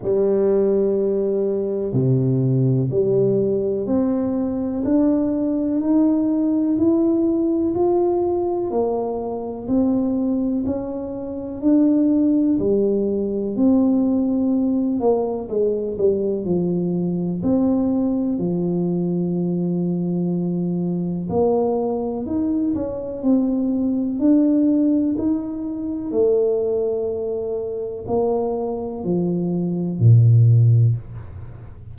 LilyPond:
\new Staff \with { instrumentName = "tuba" } { \time 4/4 \tempo 4 = 62 g2 c4 g4 | c'4 d'4 dis'4 e'4 | f'4 ais4 c'4 cis'4 | d'4 g4 c'4. ais8 |
gis8 g8 f4 c'4 f4~ | f2 ais4 dis'8 cis'8 | c'4 d'4 dis'4 a4~ | a4 ais4 f4 ais,4 | }